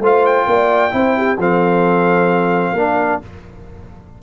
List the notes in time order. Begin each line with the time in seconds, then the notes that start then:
0.00 A3 F4 C5 F5
0.25 G5
0.46 A#3 D5
0.91 C4 E4 C5
1.17 G4
1.37 F3 C4 A4 F5
2.72 A#3 D4 A#4